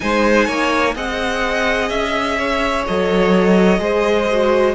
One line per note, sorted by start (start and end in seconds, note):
0.00 0.47 G#3
0.00 0.94 D#4
0.00 0.46 C5
0.00 0.94 G#5
0.46 0.95 A#3
0.46 0.94 C#5
0.94 1.90 C4
0.94 2.84 G#4
0.94 2.37 D#5
0.94 1.89 F#5
1.89 2.85 C#4
1.89 2.84 E5
2.37 3.80 C#5
2.86 3.78 F#3
2.86 3.79 A4
2.86 4.75 D#5
3.78 4.74 G#3
3.78 4.27 G#4
3.78 4.75 C5
4.31 4.75 F#4